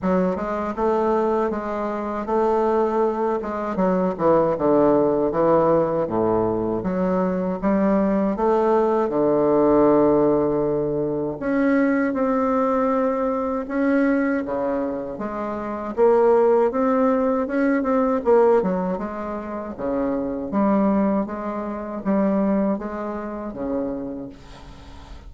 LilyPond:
\new Staff \with { instrumentName = "bassoon" } { \time 4/4 \tempo 4 = 79 fis8 gis8 a4 gis4 a4~ | a8 gis8 fis8 e8 d4 e4 | a,4 fis4 g4 a4 | d2. cis'4 |
c'2 cis'4 cis4 | gis4 ais4 c'4 cis'8 c'8 | ais8 fis8 gis4 cis4 g4 | gis4 g4 gis4 cis4 | }